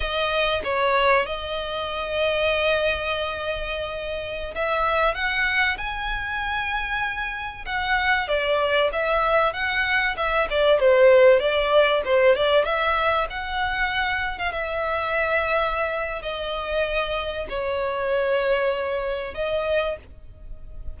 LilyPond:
\new Staff \with { instrumentName = "violin" } { \time 4/4 \tempo 4 = 96 dis''4 cis''4 dis''2~ | dis''2.~ dis''16 e''8.~ | e''16 fis''4 gis''2~ gis''8.~ | gis''16 fis''4 d''4 e''4 fis''8.~ |
fis''16 e''8 d''8 c''4 d''4 c''8 d''16~ | d''16 e''4 fis''4.~ fis''16 f''16 e''8.~ | e''2 dis''2 | cis''2. dis''4 | }